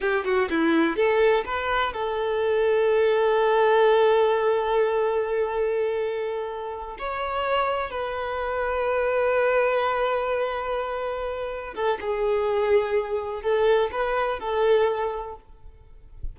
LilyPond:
\new Staff \with { instrumentName = "violin" } { \time 4/4 \tempo 4 = 125 g'8 fis'8 e'4 a'4 b'4 | a'1~ | a'1~ | a'2~ a'8 cis''4.~ |
cis''8 b'2.~ b'8~ | b'1~ | b'8 a'8 gis'2. | a'4 b'4 a'2 | }